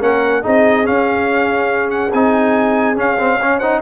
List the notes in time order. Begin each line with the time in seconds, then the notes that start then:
0.00 A#3 C#4 A#4 F#5
0.42 C4 D#4 G#4 D#5
0.84 C#4 F5
1.91 F#5
2.13 C4 D#4 G#5
2.96 C#4 F5
3.19 C4
3.40 C#4 C#5
3.59 D#4 C5 F#5